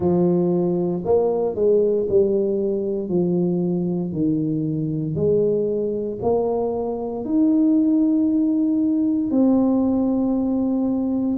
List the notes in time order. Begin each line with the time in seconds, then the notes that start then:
0.00 F3
1.04 A#3
1.55 G#3
2.09 G3
3.08 F3
4.12 D#3
5.15 G#3
6.22 A#3
7.25 D#4
9.31 C4